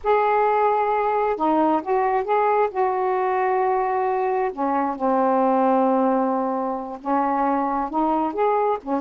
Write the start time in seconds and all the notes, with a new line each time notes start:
0.03 G#4
1.36 D#4
1.82 F#4
2.24 G#4
2.70 F#4
4.52 C#4
4.95 C4
7.00 C#4
7.90 D#4
8.33 G#4
8.82 C#4